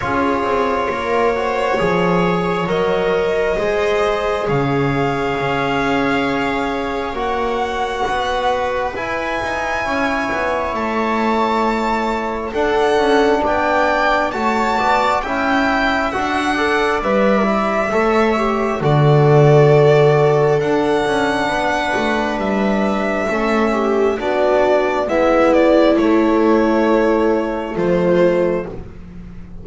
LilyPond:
<<
  \new Staff \with { instrumentName = "violin" } { \time 4/4 \tempo 4 = 67 cis''2. dis''4~ | dis''4 f''2. | fis''2 gis''2 | a''2 fis''4 g''4 |
a''4 g''4 fis''4 e''4~ | e''4 d''2 fis''4~ | fis''4 e''2 d''4 | e''8 d''8 cis''2 c''4 | }
  \new Staff \with { instrumentName = "viola" } { \time 4/4 gis'4 ais'8 c''8 cis''2 | c''4 cis''2.~ | cis''4 b'2 cis''4~ | cis''2 a'4 d''4 |
cis''8 d''8 e''4. d''4. | cis''4 a'2. | b'2 a'8 g'8 fis'4 | e'2. f'4 | }
  \new Staff \with { instrumentName = "trombone" } { \time 4/4 f'4. fis'8 gis'4 ais'4 | gis'1 | fis'2 e'2~ | e'2 d'2 |
fis'4 e'4 fis'8 a'8 b'8 e'8 | a'8 g'8 fis'2 d'4~ | d'2 cis'4 d'4 | b4 a2. | }
  \new Staff \with { instrumentName = "double bass" } { \time 4/4 cis'8 c'8 ais4 f4 fis4 | gis4 cis4 cis'2 | ais4 b4 e'8 dis'8 cis'8 b8 | a2 d'8 cis'8 b4 |
a8 b8 cis'4 d'4 g4 | a4 d2 d'8 cis'8 | b8 a8 g4 a4 b4 | gis4 a2 f4 | }
>>